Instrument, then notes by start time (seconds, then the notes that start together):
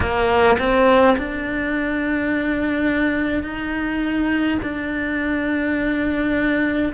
cello
0.00 A#3
0.58 C4
1.17 D4
3.43 D#4
4.62 D4